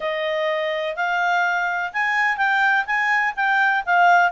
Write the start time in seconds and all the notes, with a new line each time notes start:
0.00 D#5
0.95 F5
1.92 G#5
2.37 G5
2.86 G#5
3.36 G5
3.85 F5